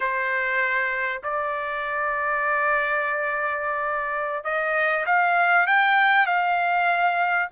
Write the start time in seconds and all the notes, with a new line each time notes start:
0.00 C5
1.23 D5
4.44 D#5
5.05 F5
5.66 G5
6.26 F5